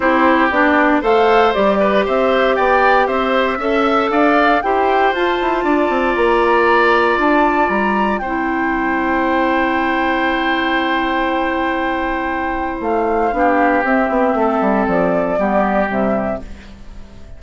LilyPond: <<
  \new Staff \with { instrumentName = "flute" } { \time 4/4 \tempo 4 = 117 c''4 d''4 f''4 d''4 | e''4 g''4 e''2 | f''4 g''4 a''2 | ais''2 a''4 ais''4 |
g''1~ | g''1~ | g''4 f''2 e''4~ | e''4 d''2 e''4 | }
  \new Staff \with { instrumentName = "oboe" } { \time 4/4 g'2 c''4. b'8 | c''4 d''4 c''4 e''4 | d''4 c''2 d''4~ | d''1 |
c''1~ | c''1~ | c''2 g'2 | a'2 g'2 | }
  \new Staff \with { instrumentName = "clarinet" } { \time 4/4 e'4 d'4 a'4 g'4~ | g'2. a'4~ | a'4 g'4 f'2~ | f'1 |
e'1~ | e'1~ | e'2 d'4 c'4~ | c'2 b4 g4 | }
  \new Staff \with { instrumentName = "bassoon" } { \time 4/4 c'4 b4 a4 g4 | c'4 b4 c'4 cis'4 | d'4 e'4 f'8 e'8 d'8 c'8 | ais2 d'4 g4 |
c'1~ | c'1~ | c'4 a4 b4 c'8 b8 | a8 g8 f4 g4 c4 | }
>>